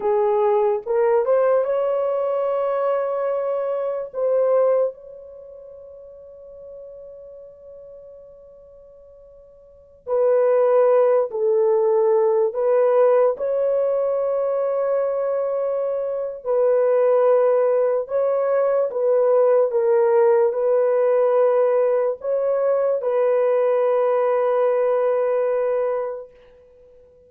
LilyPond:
\new Staff \with { instrumentName = "horn" } { \time 4/4 \tempo 4 = 73 gis'4 ais'8 c''8 cis''2~ | cis''4 c''4 cis''2~ | cis''1~ | cis''16 b'4. a'4. b'8.~ |
b'16 cis''2.~ cis''8. | b'2 cis''4 b'4 | ais'4 b'2 cis''4 | b'1 | }